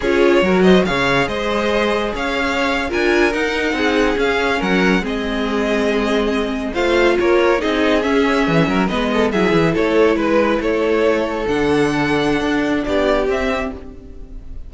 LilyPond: <<
  \new Staff \with { instrumentName = "violin" } { \time 4/4 \tempo 4 = 140 cis''4. dis''8 f''4 dis''4~ | dis''4 f''4.~ f''16 gis''4 fis''16~ | fis''4.~ fis''16 f''4 fis''4 dis''16~ | dis''2.~ dis''8. f''16~ |
f''8. cis''4 dis''4 e''4~ e''16~ | e''8. dis''4 e''4 cis''4 b'16~ | b'8. cis''2 fis''4~ fis''16~ | fis''2 d''4 e''4 | }
  \new Staff \with { instrumentName = "violin" } { \time 4/4 gis'4 ais'8 c''8 cis''4 c''4~ | c''4 cis''4.~ cis''16 ais'4~ ais'16~ | ais'8. gis'2 ais'4 gis'16~ | gis'2.~ gis'8. c''16~ |
c''8. ais'4 gis'2~ gis'16~ | gis'16 ais'8 b'8 a'8 gis'4 a'4 b'16~ | b'8. a'2.~ a'16~ | a'2 g'2 | }
  \new Staff \with { instrumentName = "viola" } { \time 4/4 f'4 fis'4 gis'2~ | gis'2~ gis'8. f'4 dis'16~ | dis'4.~ dis'16 cis'2 c'16~ | c'2.~ c'8. f'16~ |
f'4.~ f'16 dis'4 cis'4~ cis'16~ | cis'8. b4 e'2~ e'16~ | e'2~ e'8. d'4~ d'16~ | d'2. c'4 | }
  \new Staff \with { instrumentName = "cello" } { \time 4/4 cis'4 fis4 cis4 gis4~ | gis4 cis'4.~ cis'16 d'4 dis'16~ | dis'8. c'4 cis'4 fis4 gis16~ | gis2.~ gis8. a16~ |
a8. ais4 c'4 cis'4 e16~ | e16 fis8 gis4 fis8 e8 a4 gis16~ | gis8. a2 d4~ d16~ | d4 d'4 b4 c'4 | }
>>